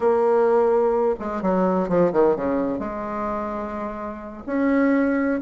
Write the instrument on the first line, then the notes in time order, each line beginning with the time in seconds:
bassoon
0.00 A#3
1.19 G#3
1.42 F#3
1.88 F3
2.12 D#3
2.35 C#3
2.79 G#3
4.46 C#4